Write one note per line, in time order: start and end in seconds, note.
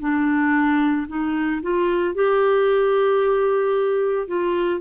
0.00 1.07 D4
1.08 1.62 D#4
1.63 2.15 F4
2.15 4.28 G4
4.28 4.81 F4